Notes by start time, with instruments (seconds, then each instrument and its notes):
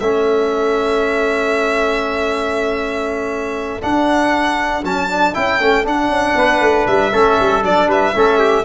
0.00 tuba A3, trombone C#4, trumpet A4, violin E5
3.82 trombone D4, tuba D4, violin F#5
4.84 tuba F#3, trombone C#4, violin A5
5.10 trombone D4
5.34 tuba C#4, trombone E4, violin G5
5.60 tuba A3, trombone C#4
5.85 trombone D4, tuba D4, violin F#5
6.09 tuba C#4
6.36 tuba B3, trumpet B4
6.61 tuba A3
6.87 tuba G3, violin E5
7.12 tuba A3, trombone C#4, trumpet A4
7.40 tuba G3
7.62 tuba F#3, trombone D4, violin D5
7.88 tuba G3, trumpet B4, violin E5
8.14 tuba A3, trombone C#4, trumpet A4
8.39 trumpet G4